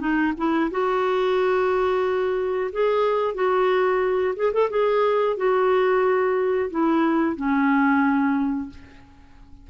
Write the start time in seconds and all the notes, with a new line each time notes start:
0.00 D#4
0.37 E4
0.71 F#4
2.72 G#4
3.35 F#4
4.36 G#4
4.53 A4
4.70 G#4
5.37 F#4
6.71 E4
7.36 C#4